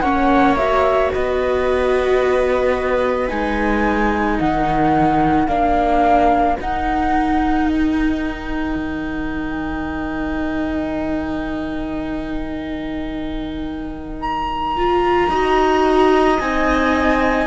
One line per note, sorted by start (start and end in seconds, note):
0.00 1.10 A#3
0.00 0.58 C#4
0.00 1.12 C#5
0.00 0.55 F#5
0.57 3.28 F#4
0.57 1.11 E5
1.13 3.30 B3
1.13 4.41 B4
1.13 3.28 D#5
3.28 4.39 G#3
3.28 5.46 D#4
3.28 4.37 G#5
4.39 5.48 D#3
4.39 15.31 A#4
4.39 5.48 F#5
5.48 6.57 A#3
5.48 6.57 D4
5.48 6.57 F5
6.60 8.75 D#4
6.60 14.77 D#4
6.60 7.68 F#5
7.68 14.21 G5
8.75 15.30 D#3
14.21 16.40 A#5
14.77 15.31 F4
15.30 16.39 D#4
15.30 16.40 F#4
15.30 17.47 D#5
16.40 17.47 C4
16.40 17.47 D#4
16.40 17.47 G#5